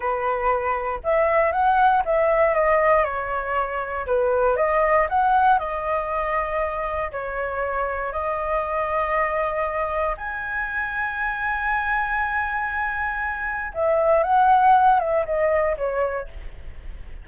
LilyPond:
\new Staff \with { instrumentName = "flute" } { \time 4/4 \tempo 4 = 118 b'2 e''4 fis''4 | e''4 dis''4 cis''2 | b'4 dis''4 fis''4 dis''4~ | dis''2 cis''2 |
dis''1 | gis''1~ | gis''2. e''4 | fis''4. e''8 dis''4 cis''4 | }